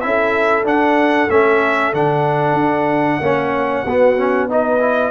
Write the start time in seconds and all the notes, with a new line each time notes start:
0.00 C#4 E4 E5
0.06 A4
0.63 D4 F#5
1.30 A3 C#4 E5
1.93 D3 D4 F#5
2.53 D4
3.20 A#3 C#4 C#5
3.85 B3 F#4
4.17 C#4
4.49 D#4 B4 D#5
4.80 E4